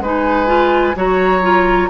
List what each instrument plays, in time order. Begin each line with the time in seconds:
0.00 bassoon G#3, clarinet D#4, oboe B4, flute G#5
0.47 clarinet F4
0.96 bassoon F#3, clarinet F#4, oboe C#5, flute A#5
1.43 clarinet F4